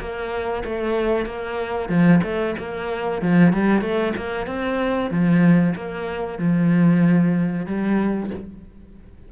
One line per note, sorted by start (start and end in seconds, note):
0.00 0.64 A#3
0.65 1.26 A3
1.26 1.89 A#3
1.89 2.21 F3
2.24 2.56 A3
2.59 3.22 A#3
3.22 3.53 F3
3.53 3.82 G3
3.82 4.14 A3
4.17 4.47 A#3
4.47 5.11 C4
5.11 5.75 F3
5.76 6.39 A#3
6.39 7.67 F3
7.67 8.31 G3